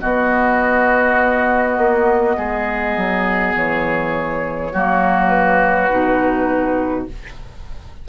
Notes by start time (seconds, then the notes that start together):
0.00 B3 F#4 D#5
1.78 A#3
2.37 G#3 G#4
2.97 F#3
3.56 E3 C#5
4.73 F#3 A#3 F#4
5.28 B4
5.91 B2 D#4